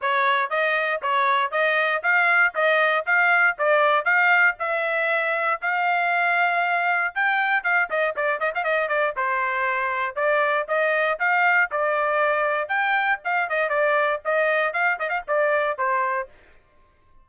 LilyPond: \new Staff \with { instrumentName = "trumpet" } { \time 4/4 \tempo 4 = 118 cis''4 dis''4 cis''4 dis''4 | f''4 dis''4 f''4 d''4 | f''4 e''2 f''4~ | f''2 g''4 f''8 dis''8 |
d''8 dis''16 f''16 dis''8 d''8 c''2 | d''4 dis''4 f''4 d''4~ | d''4 g''4 f''8 dis''8 d''4 | dis''4 f''8 dis''16 f''16 d''4 c''4 | }